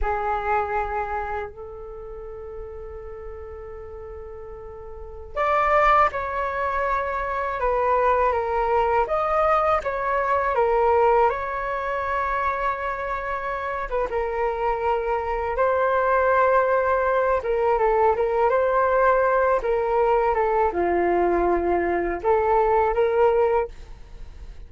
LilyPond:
\new Staff \with { instrumentName = "flute" } { \time 4/4 \tempo 4 = 81 gis'2 a'2~ | a'2.~ a'16 d''8.~ | d''16 cis''2 b'4 ais'8.~ | ais'16 dis''4 cis''4 ais'4 cis''8.~ |
cis''2~ cis''8. b'16 ais'4~ | ais'4 c''2~ c''8 ais'8 | a'8 ais'8 c''4. ais'4 a'8 | f'2 a'4 ais'4 | }